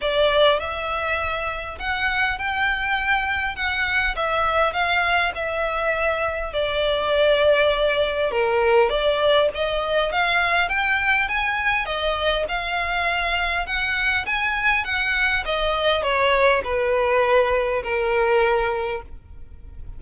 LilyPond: \new Staff \with { instrumentName = "violin" } { \time 4/4 \tempo 4 = 101 d''4 e''2 fis''4 | g''2 fis''4 e''4 | f''4 e''2 d''4~ | d''2 ais'4 d''4 |
dis''4 f''4 g''4 gis''4 | dis''4 f''2 fis''4 | gis''4 fis''4 dis''4 cis''4 | b'2 ais'2 | }